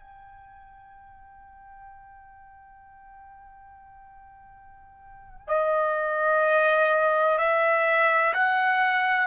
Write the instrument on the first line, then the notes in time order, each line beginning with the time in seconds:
trumpet
0.00 G5
5.48 D#5
7.38 E5
8.34 F#5